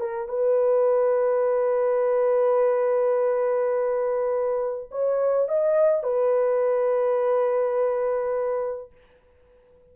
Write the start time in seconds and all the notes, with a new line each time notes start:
0.00 A#4
0.29 B4
4.91 C#5
5.48 D#5
6.03 B4